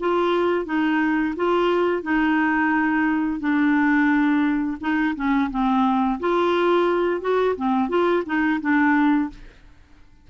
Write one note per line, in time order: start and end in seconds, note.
0.00 0.66 F4
0.66 1.35 D#4
1.36 2.03 F4
2.03 3.40 D#4
3.40 4.78 D4
4.81 5.15 D#4
5.16 5.50 C#4
5.51 6.20 C4
6.20 7.21 F4
7.21 7.56 F#4
7.56 7.89 C4
7.89 8.24 F4
8.26 8.61 D#4
8.61 9.30 D4